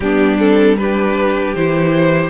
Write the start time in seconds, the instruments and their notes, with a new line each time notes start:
0.00 cello G3, viola B3, violin D4 G4
0.38 viola C4, violin A4
0.77 viola D4, violin G4 B4
1.54 cello E3, viola E4, violin C5